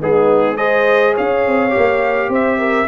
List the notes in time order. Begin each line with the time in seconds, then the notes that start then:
0.00 G#3 B3 D#4 G#4
0.56 G#4 C5 D#5
1.13 C#4 C#5 F5
1.47 C4
1.69 G4
1.76 A#3
2.28 C4 C5 E5
2.58 A#4